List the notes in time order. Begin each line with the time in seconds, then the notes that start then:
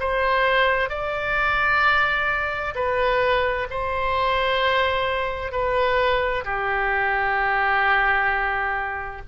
0.00 C5
0.90 D5
2.75 B4
3.70 C5
5.52 B4
6.44 G4